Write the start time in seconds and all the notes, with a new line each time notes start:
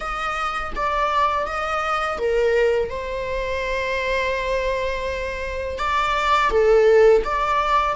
0.00 D#5
0.75 D5
1.46 D#5
2.18 A#4
2.89 C5
5.78 D5
6.50 A4
7.24 D5